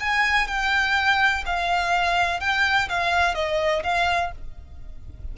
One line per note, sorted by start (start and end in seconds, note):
0.00 0.47 G#5
0.47 1.44 G5
1.46 2.40 F5
2.40 2.89 G5
2.89 3.35 F5
3.35 3.83 D#5
3.84 4.32 F5